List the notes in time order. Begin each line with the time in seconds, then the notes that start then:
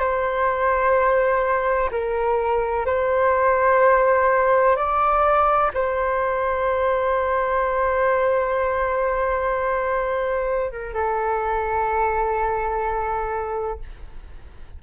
0.00 C5
1.92 A#4
2.86 C5
4.77 D5
5.74 C5
10.71 A#4
10.94 A4